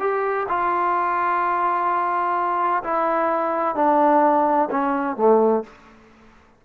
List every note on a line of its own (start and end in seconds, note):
0.00 0.47 G4
0.49 2.83 F4
2.84 3.76 E4
3.76 4.69 D4
4.71 5.17 C#4
5.17 5.64 A3